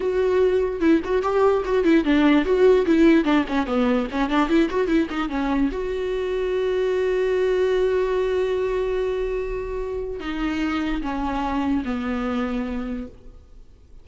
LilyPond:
\new Staff \with { instrumentName = "viola" } { \time 4/4 \tempo 4 = 147 fis'2 e'8 fis'8 g'4 | fis'8 e'8 d'4 fis'4 e'4 | d'8 cis'8 b4 cis'8 d'8 e'8 fis'8 | e'8 dis'8 cis'4 fis'2~ |
fis'1~ | fis'1~ | fis'4 dis'2 cis'4~ | cis'4 b2. | }